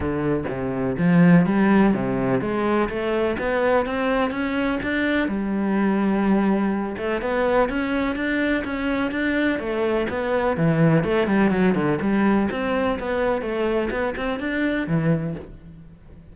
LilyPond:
\new Staff \with { instrumentName = "cello" } { \time 4/4 \tempo 4 = 125 d4 c4 f4 g4 | c4 gis4 a4 b4 | c'4 cis'4 d'4 g4~ | g2~ g8 a8 b4 |
cis'4 d'4 cis'4 d'4 | a4 b4 e4 a8 g8 | fis8 d8 g4 c'4 b4 | a4 b8 c'8 d'4 e4 | }